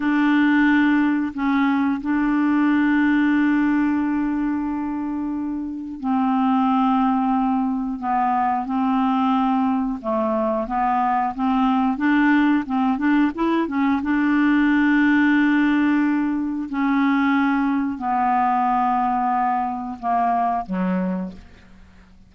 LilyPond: \new Staff \with { instrumentName = "clarinet" } { \time 4/4 \tempo 4 = 90 d'2 cis'4 d'4~ | d'1~ | d'4 c'2. | b4 c'2 a4 |
b4 c'4 d'4 c'8 d'8 | e'8 cis'8 d'2.~ | d'4 cis'2 b4~ | b2 ais4 fis4 | }